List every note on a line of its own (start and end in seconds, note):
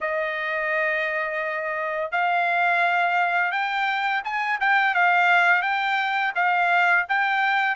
0.00 2.11 D#5
2.11 3.51 F5
3.51 4.22 G5
4.24 4.59 G#5
4.60 4.94 G5
4.94 5.62 F5
5.62 6.32 G5
6.35 7.06 F5
7.08 7.75 G5